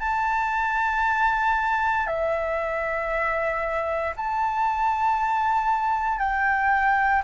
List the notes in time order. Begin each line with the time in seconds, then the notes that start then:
0.00 A5
2.07 E5
4.17 A5
6.19 G5